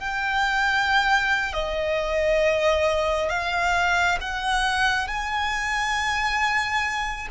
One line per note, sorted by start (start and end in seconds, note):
0.00 1.53 G5
1.53 3.30 D#5
3.30 4.18 F5
4.21 5.08 F#5
5.08 7.28 G#5